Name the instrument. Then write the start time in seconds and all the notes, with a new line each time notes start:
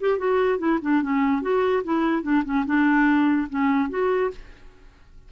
clarinet
0.00 G4
0.18 F#4
0.58 E4
0.82 D4
1.02 C#4
1.42 F#4
1.84 E4
2.22 D4
2.44 C#4
2.65 D4
3.49 C#4
3.89 F#4